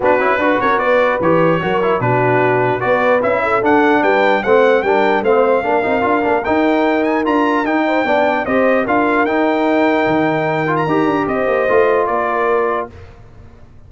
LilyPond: <<
  \new Staff \with { instrumentName = "trumpet" } { \time 4/4 \tempo 4 = 149 b'4. cis''8 d''4 cis''4~ | cis''4 b'2 d''4 | e''4 fis''4 g''4 fis''4 | g''4 f''2. |
g''4. gis''8 ais''4 g''4~ | g''4 dis''4 f''4 g''4~ | g''2~ g''8. ais''4~ ais''16 | dis''2 d''2 | }
  \new Staff \with { instrumentName = "horn" } { \time 4/4 fis'4 b'8 ais'8 b'2 | ais'4 fis'2 b'4~ | b'8 a'4. b'4 c''4 | ais'4 c''4 ais'2~ |
ais'2.~ ais'8 c''8 | d''4 c''4 ais'2~ | ais'1 | c''2 ais'2 | }
  \new Staff \with { instrumentName = "trombone" } { \time 4/4 d'8 e'8 fis'2 g'4 | fis'8 e'8 d'2 fis'4 | e'4 d'2 c'4 | d'4 c'4 d'8 dis'8 f'8 d'8 |
dis'2 f'4 dis'4 | d'4 g'4 f'4 dis'4~ | dis'2~ dis'8 f'8 g'4~ | g'4 f'2. | }
  \new Staff \with { instrumentName = "tuba" } { \time 4/4 b8 cis'8 d'8 cis'8 b4 e4 | fis4 b,2 b4 | cis'4 d'4 g4 a4 | g4 a4 ais8 c'8 d'8 ais8 |
dis'2 d'4 dis'4 | b4 c'4 d'4 dis'4~ | dis'4 dis2 dis'8 d'8 | c'8 ais8 a4 ais2 | }
>>